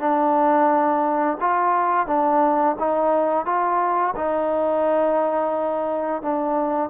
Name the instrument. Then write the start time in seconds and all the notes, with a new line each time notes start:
trombone
0.00 D4
1.41 F4
2.08 D4
2.79 D#4
3.46 F4
4.16 D#4
6.23 D4